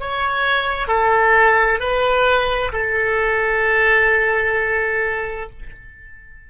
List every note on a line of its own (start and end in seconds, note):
0.00 0.87 C#5
0.87 1.80 A4
1.80 2.72 B4
2.72 5.49 A4